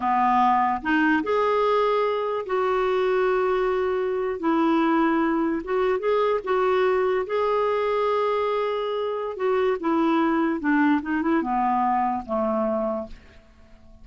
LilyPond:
\new Staff \with { instrumentName = "clarinet" } { \time 4/4 \tempo 4 = 147 b2 dis'4 gis'4~ | gis'2 fis'2~ | fis'2~ fis'8. e'4~ e'16~ | e'4.~ e'16 fis'4 gis'4 fis'16~ |
fis'4.~ fis'16 gis'2~ gis'16~ | gis'2. fis'4 | e'2 d'4 dis'8 e'8 | b2 a2 | }